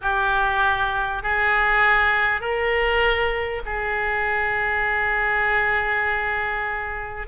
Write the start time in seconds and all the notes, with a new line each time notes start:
0.01 G4
1.22 G#4
2.40 A#4
3.65 G#4